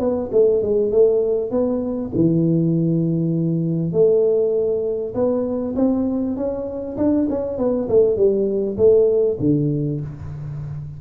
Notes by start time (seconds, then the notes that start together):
0.00 B3
0.32 A3
0.63 G#3
0.92 A3
1.51 B3
2.15 E3
3.93 A3
5.15 B3
5.76 C4
6.36 C#4
6.98 D4
7.30 C#4
7.58 B3
7.89 A3
8.17 G3
8.77 A3
9.40 D3